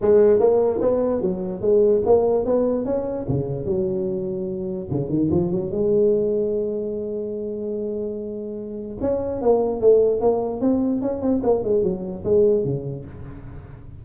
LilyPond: \new Staff \with { instrumentName = "tuba" } { \time 4/4 \tempo 4 = 147 gis4 ais4 b4 fis4 | gis4 ais4 b4 cis'4 | cis4 fis2. | cis8 dis8 f8 fis8 gis2~ |
gis1~ | gis2 cis'4 ais4 | a4 ais4 c'4 cis'8 c'8 | ais8 gis8 fis4 gis4 cis4 | }